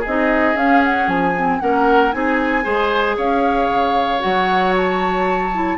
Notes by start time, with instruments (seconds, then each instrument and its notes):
0.00 bassoon C4, oboe G#4, flute D#5
0.08 clarinet D#4
0.55 bassoon C#4, clarinet C#4, flute F5
0.84 flute F#5
1.07 bassoon F3, flute G#5
1.37 clarinet C4
1.60 bassoon A#3, clarinet C#4, oboe A#4, flute F#5
2.11 bassoon C4, clarinet D#4, oboe G#4, flute G#5
2.63 bassoon G#3, clarinet G#4, oboe C5
3.17 bassoon C#4, oboe C#5, flute F5
3.68 bassoon C#3
4.19 bassoon F#3, clarinet F#4, flute F#5
4.77 flute A5
5.54 clarinet E4